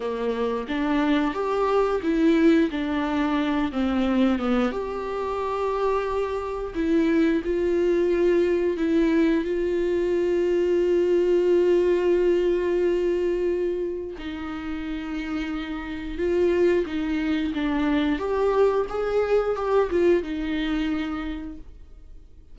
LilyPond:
\new Staff \with { instrumentName = "viola" } { \time 4/4 \tempo 4 = 89 ais4 d'4 g'4 e'4 | d'4. c'4 b8 g'4~ | g'2 e'4 f'4~ | f'4 e'4 f'2~ |
f'1~ | f'4 dis'2. | f'4 dis'4 d'4 g'4 | gis'4 g'8 f'8 dis'2 | }